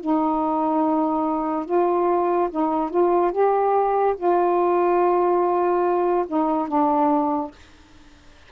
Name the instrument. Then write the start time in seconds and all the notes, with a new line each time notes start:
saxophone
0.00 D#4
1.66 F4
2.51 D#4
2.90 F4
3.31 G4
4.17 F4
6.27 D#4
6.67 D4